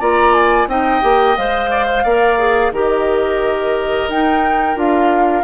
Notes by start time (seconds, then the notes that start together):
0.00 A#3 F4 D5 A#5
0.34 G#5
0.67 C4 D#4 D#5 G5
1.01 A#3 G4
1.37 G#3 C5 F5
1.70 D5
1.86 C5
2.04 A#3 A#4 D5
2.38 G#4
2.72 D#3 G4 A#4 D#5
4.09 D#4 G5
4.75 D4 F4 F5